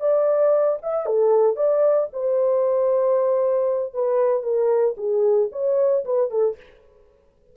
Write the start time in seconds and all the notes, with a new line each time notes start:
0.00 D5
0.82 E5
1.06 A4
1.56 D5
2.12 C5
3.93 B4
4.43 A#4
4.97 G#4
5.52 C#5
6.05 B4
6.30 A4